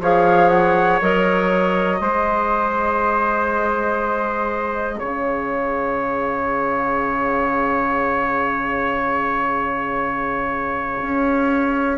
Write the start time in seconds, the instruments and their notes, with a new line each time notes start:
0.00 bassoon F3, clarinet G#4, trumpet C#5, flute F5
0.49 flute F#5
1.01 bassoon F#3, clarinet A#4, flute D#5
1.99 bassoon G#3, clarinet G#4, trumpet C5
4.99 bassoon C#3, trumpet C#5, flute F5
11.02 bassoon C#4